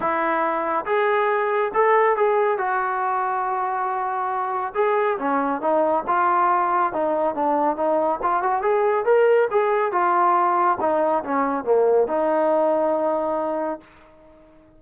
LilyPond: \new Staff \with { instrumentName = "trombone" } { \time 4/4 \tempo 4 = 139 e'2 gis'2 | a'4 gis'4 fis'2~ | fis'2. gis'4 | cis'4 dis'4 f'2 |
dis'4 d'4 dis'4 f'8 fis'8 | gis'4 ais'4 gis'4 f'4~ | f'4 dis'4 cis'4 ais4 | dis'1 | }